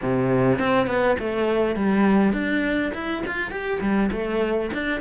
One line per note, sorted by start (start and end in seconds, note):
0.02 0.59 C3
0.59 0.87 C4
0.87 1.16 B3
1.19 1.75 A3
1.75 2.33 G3
2.33 2.91 D4
2.94 3.23 E4
3.26 3.51 F4
3.51 3.80 G4
3.80 4.10 G3
4.11 4.70 A3
4.73 5.00 D4